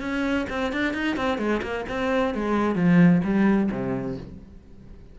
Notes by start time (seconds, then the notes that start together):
0.00 C#4
0.49 C4
0.72 D4
0.94 D#4
1.16 C4
1.38 G#3
1.62 A#3
1.89 C4
2.34 G#3
2.75 F3
3.24 G3
3.71 C3